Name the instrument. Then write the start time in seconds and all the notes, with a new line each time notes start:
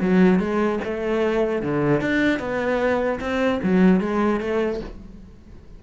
cello
0.00 F#3
0.39 G#3
0.84 A3
1.62 D3
2.01 D4
2.39 B3
3.20 C4
3.63 F#3
4.00 G#3
4.40 A3